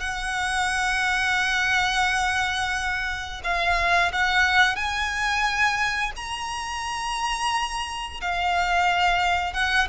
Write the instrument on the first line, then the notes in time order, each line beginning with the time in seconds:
violin
0.00 F#5
3.43 F5
4.12 F#5
4.75 G#5
6.16 A#5
8.21 F5
9.53 F#5